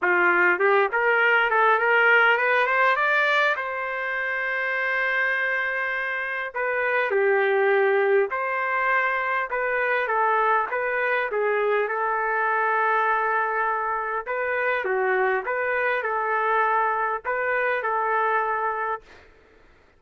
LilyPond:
\new Staff \with { instrumentName = "trumpet" } { \time 4/4 \tempo 4 = 101 f'4 g'8 ais'4 a'8 ais'4 | b'8 c''8 d''4 c''2~ | c''2. b'4 | g'2 c''2 |
b'4 a'4 b'4 gis'4 | a'1 | b'4 fis'4 b'4 a'4~ | a'4 b'4 a'2 | }